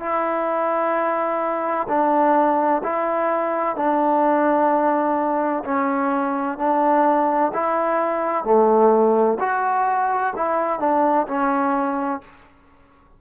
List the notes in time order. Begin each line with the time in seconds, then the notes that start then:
0.00 E4
1.89 D4
2.84 E4
3.77 D4
5.65 C#4
6.58 D4
7.54 E4
8.45 A3
9.40 F#4
10.36 E4
10.80 D4
11.28 C#4